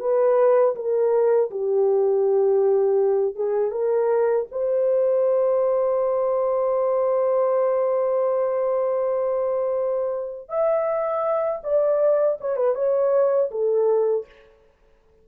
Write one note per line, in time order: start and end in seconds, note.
0.00 0.75 B4
0.75 1.50 A#4
1.51 3.35 G4
3.35 3.71 G#4
3.71 4.46 A#4
4.51 10.49 C5
10.49 11.61 E5
11.63 12.38 D5
12.41 12.56 C#5
12.56 12.75 B4
12.75 13.50 C#5
13.51 14.26 A4